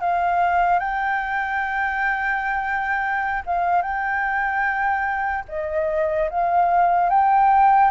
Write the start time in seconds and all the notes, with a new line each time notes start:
0.00 F5
0.79 G5
3.46 F5
3.82 G5
5.48 D#5
6.30 F5
7.09 G5